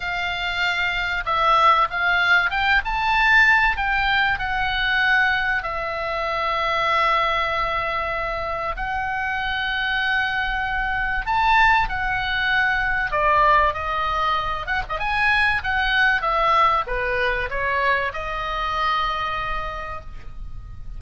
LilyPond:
\new Staff \with { instrumentName = "oboe" } { \time 4/4 \tempo 4 = 96 f''2 e''4 f''4 | g''8 a''4. g''4 fis''4~ | fis''4 e''2.~ | e''2 fis''2~ |
fis''2 a''4 fis''4~ | fis''4 d''4 dis''4. fis''16 dis''16 | gis''4 fis''4 e''4 b'4 | cis''4 dis''2. | }